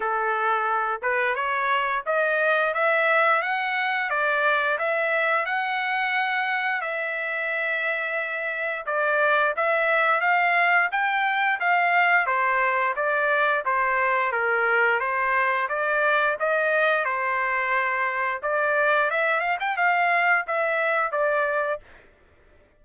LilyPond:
\new Staff \with { instrumentName = "trumpet" } { \time 4/4 \tempo 4 = 88 a'4. b'8 cis''4 dis''4 | e''4 fis''4 d''4 e''4 | fis''2 e''2~ | e''4 d''4 e''4 f''4 |
g''4 f''4 c''4 d''4 | c''4 ais'4 c''4 d''4 | dis''4 c''2 d''4 | e''8 f''16 g''16 f''4 e''4 d''4 | }